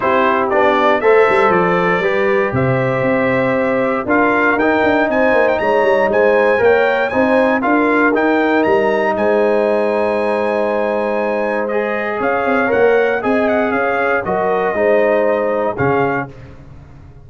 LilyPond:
<<
  \new Staff \with { instrumentName = "trumpet" } { \time 4/4 \tempo 4 = 118 c''4 d''4 e''4 d''4~ | d''4 e''2. | f''4 g''4 gis''8. g''16 ais''4 | gis''4 g''4 gis''4 f''4 |
g''4 ais''4 gis''2~ | gis''2. dis''4 | f''4 fis''4 gis''8 fis''8 f''4 | dis''2. f''4 | }
  \new Staff \with { instrumentName = "horn" } { \time 4/4 g'2 c''2 | b'4 c''2. | ais'2 c''4 cis''4 | c''4 cis''4 c''4 ais'4~ |
ais'2 c''2~ | c''1 | cis''2 dis''4 cis''4 | ais'4 c''2 gis'4 | }
  \new Staff \with { instrumentName = "trombone" } { \time 4/4 e'4 d'4 a'2 | g'1 | f'4 dis'2.~ | dis'4 ais'4 dis'4 f'4 |
dis'1~ | dis'2. gis'4~ | gis'4 ais'4 gis'2 | fis'4 dis'2 cis'4 | }
  \new Staff \with { instrumentName = "tuba" } { \time 4/4 c'4 b4 a8 g8 f4 | g4 c4 c'2 | d'4 dis'8 d'8 c'8 ais8 gis8 g8 | gis4 ais4 c'4 d'4 |
dis'4 g4 gis2~ | gis1 | cis'8 c'8 ais4 c'4 cis'4 | fis4 gis2 cis4 | }
>>